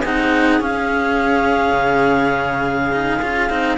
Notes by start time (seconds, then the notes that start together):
0.00 C4 D#4 G#4 F#5
0.60 C#4 F5
1.73 C#3
2.92 D#4
3.22 C#4 F4
3.49 C4 D#4